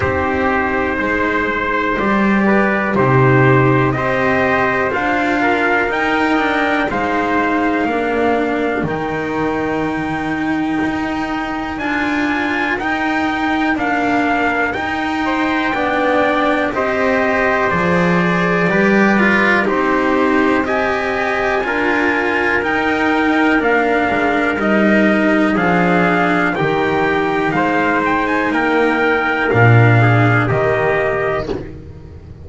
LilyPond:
<<
  \new Staff \with { instrumentName = "trumpet" } { \time 4/4 \tempo 4 = 61 c''2 d''4 c''4 | dis''4 f''4 g''4 f''4~ | f''4 g''2. | gis''4 g''4 f''4 g''4~ |
g''4 dis''4 d''2 | c''4 gis''2 g''4 | f''4 dis''4 f''4 g''4 | f''8 g''16 gis''16 g''4 f''4 dis''4 | }
  \new Staff \with { instrumentName = "trumpet" } { \time 4/4 g'4 c''4. b'8 g'4 | c''4. ais'4. c''4 | ais'1~ | ais'2.~ ais'8 c''8 |
d''4 c''2 b'4 | g'4 dis''4 ais'2~ | ais'2 gis'4 g'4 | c''4 ais'4. gis'8 g'4 | }
  \new Staff \with { instrumentName = "cello" } { \time 4/4 dis'2 g'4 dis'4 | g'4 f'4 dis'8 d'8 dis'4 | d'4 dis'2. | f'4 dis'4 ais4 dis'4 |
d'4 g'4 gis'4 g'8 f'8 | dis'4 g'4 f'4 dis'4 | d'4 dis'4 d'4 dis'4~ | dis'2 d'4 ais4 | }
  \new Staff \with { instrumentName = "double bass" } { \time 4/4 c'4 gis4 g4 c4 | c'4 d'4 dis'4 gis4 | ais4 dis2 dis'4 | d'4 dis'4 d'4 dis'4 |
b4 c'4 f4 g4 | c'2 d'4 dis'4 | ais8 gis8 g4 f4 dis4 | gis4 ais4 ais,4 dis4 | }
>>